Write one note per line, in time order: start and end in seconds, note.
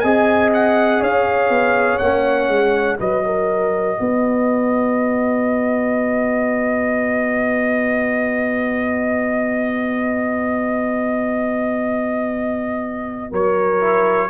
0.00 1.01 C4
0.00 2.00 G#4
0.00 1.00 D#5
0.00 0.49 G#5
0.53 1.02 F#5
1.00 1.49 C#4
1.00 2.97 C#5
1.00 1.98 F5
1.49 1.98 B3
1.98 2.48 A#3
1.98 2.98 C#4
1.98 2.96 F#5
2.48 2.97 G#3
2.98 3.98 F#3
2.98 13.80 F#4
2.98 3.24 B4
2.98 13.33 D#5
3.25 3.99 A#4
3.99 13.31 B3
3.99 13.31 B4
13.31 14.30 F#3
13.31 14.29 A#4
13.31 14.30 C#5
13.80 14.29 E4